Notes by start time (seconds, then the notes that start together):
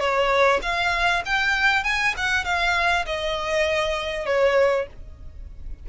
0.00 C#5
0.63 F5
1.26 G5
1.84 G#5
2.17 F#5
2.45 F5
3.06 D#5
4.26 C#5